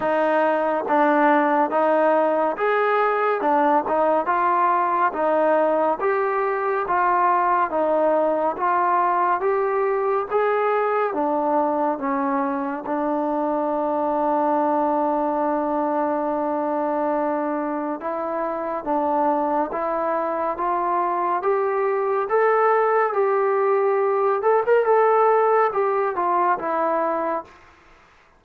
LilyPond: \new Staff \with { instrumentName = "trombone" } { \time 4/4 \tempo 4 = 70 dis'4 d'4 dis'4 gis'4 | d'8 dis'8 f'4 dis'4 g'4 | f'4 dis'4 f'4 g'4 | gis'4 d'4 cis'4 d'4~ |
d'1~ | d'4 e'4 d'4 e'4 | f'4 g'4 a'4 g'4~ | g'8 a'16 ais'16 a'4 g'8 f'8 e'4 | }